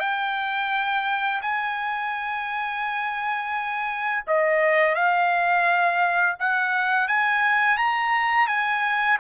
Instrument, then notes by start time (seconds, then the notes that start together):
trumpet
0.00 G5
1.42 G#5
4.27 D#5
4.95 F5
6.40 F#5
7.08 G#5
7.77 A#5
8.48 G#5